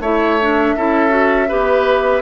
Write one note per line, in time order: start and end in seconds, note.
0.00 0.74 A3
0.00 0.40 E4
0.00 0.75 C#5
0.00 2.22 E5
0.41 0.77 D4
0.76 1.51 C#4
0.76 1.09 E4
0.76 1.48 A4
1.09 1.46 F#4
1.48 2.22 B3
1.48 2.22 G4
1.48 2.22 B4